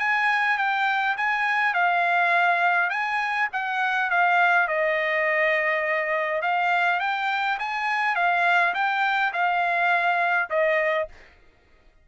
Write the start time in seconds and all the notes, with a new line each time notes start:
0.00 G#5
0.58 G5
1.17 G#5
1.74 F5
2.90 G#5
3.53 F#5
4.10 F5
4.68 D#5
6.42 F5
7.00 G5
7.59 G#5
8.16 F5
8.75 G5
9.33 F5
10.50 D#5